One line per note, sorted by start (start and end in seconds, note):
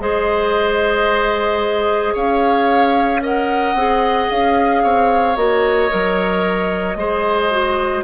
0.00 2.14 G#3
0.00 3.21 G#4
0.00 2.14 C5
0.00 2.15 D#5
2.14 3.75 C#4
2.14 3.21 C#5
2.14 3.23 F5
3.22 3.75 A#4
3.22 4.83 D#5
3.22 4.31 F#5
3.75 4.28 C4
3.75 5.37 G#4
4.31 4.84 C#4
4.31 5.37 F5
4.83 5.37 C4
4.83 6.98 C#5
5.37 5.90 A#3
5.37 5.89 F#4
5.37 8.04 D#5
5.89 6.96 F#3
5.89 6.96 A#4
6.96 8.03 G#3
6.96 7.51 G#4
6.96 8.04 C5
7.51 8.04 F#4